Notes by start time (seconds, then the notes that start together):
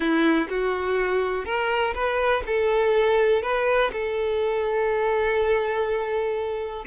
0.00 E4
0.49 F#4
1.45 A#4
1.94 B4
2.46 A4
3.42 B4
3.92 A4